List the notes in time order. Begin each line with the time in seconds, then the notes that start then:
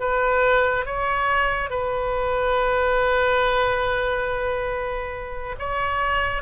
0.00 B4
0.86 C#5
1.70 B4
5.59 C#5